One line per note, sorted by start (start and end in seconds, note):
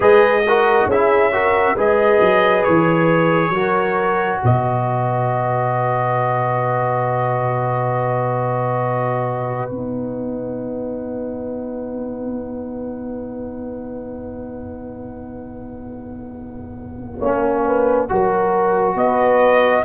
0.00 0.86 G#3
0.00 0.42 G#4
0.00 0.44 B4
0.00 0.89 D#5
0.47 0.92 F#4
0.47 0.87 A#4
0.87 1.75 C#4
0.87 1.32 E4
0.87 1.31 G#4
0.87 1.78 E5
1.32 1.76 F#4
1.32 1.75 A#4
1.75 2.19 G#3
1.75 3.53 G#4
1.75 3.52 B4
1.75 2.63 D#5
2.20 2.64 F#3
2.63 3.49 E3
2.63 4.40 C#5
3.49 4.37 F#3
3.49 9.70 F#4
3.49 4.40 A#4
4.43 9.70 B2
4.43 17.19 B4
4.43 9.70 D#5
9.70 17.20 B3
9.70 17.20 D#4
9.70 18.96 F#5
17.19 18.09 A#3
17.19 18.08 C#4
17.19 17.63 C#5
17.66 18.10 B4
18.08 18.95 F#3
18.08 19.85 F#4
18.08 18.96 A#4
18.95 19.83 B3
18.95 19.84 B4
18.95 19.85 D#5